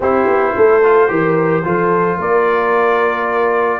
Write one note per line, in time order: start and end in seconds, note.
0.00 0.26 C4
0.00 0.83 E4
0.00 0.55 G4
0.00 2.20 C5
0.26 0.54 B3
0.55 1.09 A3
0.55 1.10 A4
0.83 1.08 F4
1.08 1.64 E3
1.08 1.63 G4
1.08 1.65 A#4
1.64 2.17 F3
1.64 3.79 F4
1.64 2.18 A4
2.17 3.79 A#3
2.17 3.79 A#4
2.17 3.79 D5